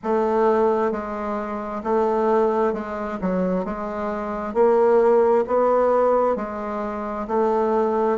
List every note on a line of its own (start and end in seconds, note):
0.02 0.91 A3
0.91 1.82 G#3
1.83 2.73 A3
2.73 3.18 G#3
3.21 3.64 F#3
3.64 4.54 G#3
4.54 5.45 A#3
5.47 6.36 B3
6.36 7.27 G#3
7.27 8.18 A3